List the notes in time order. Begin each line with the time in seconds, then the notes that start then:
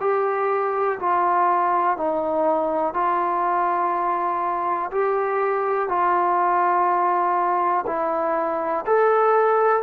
0.00 G4
1.00 F4
1.97 D#4
2.94 F4
4.91 G4
5.88 F4
7.86 E4
8.86 A4